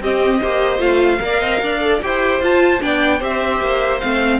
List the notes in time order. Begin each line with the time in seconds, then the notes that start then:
0.00 C4 G4 D#5
0.40 A#3 G4 C5
0.78 A3 F4 F5
1.20 A#3 A#4 D5
1.40 C4 D#5
1.61 D4 D5
1.80 A4
2.02 E4 G4 C5 G5
2.40 F4 A5
2.80 B3 D4 D5 G5
3.19 C4 G4 C5 E5
3.60 A#3
4.00 A3 C4 F5